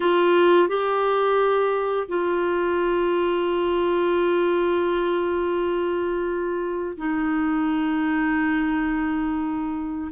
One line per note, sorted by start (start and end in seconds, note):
0.00 0.68 F4
0.68 2.08 G4
2.08 6.96 F4
6.97 10.11 D#4